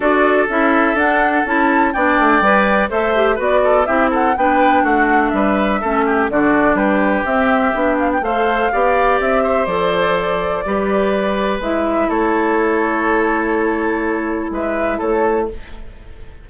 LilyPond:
<<
  \new Staff \with { instrumentName = "flute" } { \time 4/4 \tempo 4 = 124 d''4 e''4 fis''4 a''4 | g''2 e''4 d''4 | e''8 fis''8 g''4 fis''4 e''4~ | e''4 d''4 b'4 e''4~ |
e''8 f''16 g''16 f''2 e''4 | d''1 | e''4 cis''2.~ | cis''2 e''4 cis''4 | }
  \new Staff \with { instrumentName = "oboe" } { \time 4/4 a'1 | d''2 c''4 b'8 a'8 | g'8 a'8 b'4 fis'4 b'4 | a'8 g'8 fis'4 g'2~ |
g'4 c''4 d''4. c''8~ | c''2 b'2~ | b'4 a'2.~ | a'2 b'4 a'4 | }
  \new Staff \with { instrumentName = "clarinet" } { \time 4/4 fis'4 e'4 d'4 e'4 | d'4 b'4 a'8 g'8 fis'4 | e'4 d'2. | cis'4 d'2 c'4 |
d'4 a'4 g'2 | a'2 g'2 | e'1~ | e'1 | }
  \new Staff \with { instrumentName = "bassoon" } { \time 4/4 d'4 cis'4 d'4 cis'4 | b8 a8 g4 a4 b4 | c'4 b4 a4 g4 | a4 d4 g4 c'4 |
b4 a4 b4 c'4 | f2 g2 | gis4 a2.~ | a2 gis4 a4 | }
>>